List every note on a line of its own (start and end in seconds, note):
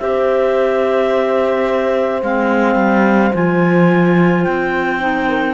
0.00 2.22 C4
0.00 2.22 G4
0.00 5.28 C5
0.00 2.22 E5
2.22 2.75 G#3
2.22 3.33 C4
2.22 3.34 F5
2.75 3.31 G3
3.33 4.46 F3
3.33 4.99 F4
3.33 4.44 G#5
4.44 5.54 C4
4.44 5.54 G5
4.99 5.54 D#4
5.28 5.54 A#4